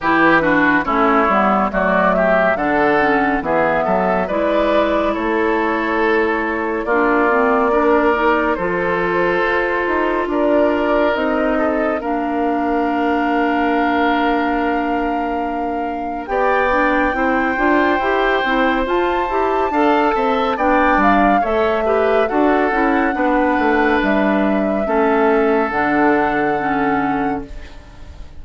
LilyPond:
<<
  \new Staff \with { instrumentName = "flute" } { \time 4/4 \tempo 4 = 70 b'4 cis''4 d''8 e''8 fis''4 | e''4 d''4 cis''2 | d''2 c''2 | d''4 dis''4 f''2~ |
f''2. g''4~ | g''2 a''2 | g''8 f''8 e''4 fis''2 | e''2 fis''2 | }
  \new Staff \with { instrumentName = "oboe" } { \time 4/4 g'8 fis'8 e'4 fis'8 g'8 a'4 | gis'8 a'8 b'4 a'2 | f'4 ais'4 a'2 | ais'4. a'8 ais'2~ |
ais'2. d''4 | c''2. f''8 e''8 | d''4 cis''8 b'8 a'4 b'4~ | b'4 a'2. | }
  \new Staff \with { instrumentName = "clarinet" } { \time 4/4 e'8 d'8 cis'8 b8 a4 d'8 cis'8 | b4 e'2. | d'8 c'8 d'8 dis'8 f'2~ | f'4 dis'4 d'2~ |
d'2. g'8 d'8 | e'8 f'8 g'8 e'8 f'8 g'8 a'4 | d'4 a'8 g'8 fis'8 e'8 d'4~ | d'4 cis'4 d'4 cis'4 | }
  \new Staff \with { instrumentName = "bassoon" } { \time 4/4 e4 a8 g8 fis4 d4 | e8 fis8 gis4 a2 | ais2 f4 f'8 dis'8 | d'4 c'4 ais2~ |
ais2. b4 | c'8 d'8 e'8 c'8 f'8 e'8 d'8 c'8 | b8 g8 a4 d'8 cis'8 b8 a8 | g4 a4 d2 | }
>>